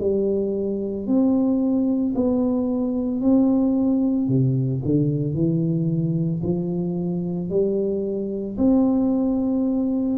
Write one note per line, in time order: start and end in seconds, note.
0.00 1.07 G3
1.07 2.14 C4
2.15 3.21 B3
3.21 4.28 C4
4.28 4.82 C3
4.85 5.34 D3
5.34 6.41 E3
6.43 7.50 F3
7.50 8.57 G3
8.58 10.18 C4